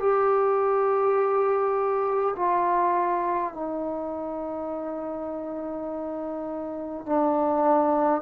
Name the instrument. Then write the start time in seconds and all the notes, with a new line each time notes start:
trombone
0.00 G4
2.36 F4
3.53 D#4
7.06 D4